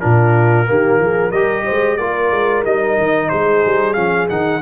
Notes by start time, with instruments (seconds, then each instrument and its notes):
0.00 tuba A#2, trombone D4, horn F4, trumpet A#4
0.66 tuba D#3, trombone A#3, horn G4
0.99 tuba F3, horn G#4
1.30 tuba G3, trombone G4, horn A#4, trumpet D#5
1.65 tuba G#3, horn C5
1.97 tuba A#3, trombone F4, horn A#4, trumpet D5
2.31 tuba G#3
2.65 tuba G3, trombone D#4, trumpet D#5
2.98 tuba D#3
3.29 tuba G#3, horn G#4, trumpet C5
3.66 tuba G3
3.94 tuba F3, trombone C#4, trumpet F5
4.29 tuba D#3, trombone D#4, trumpet F#5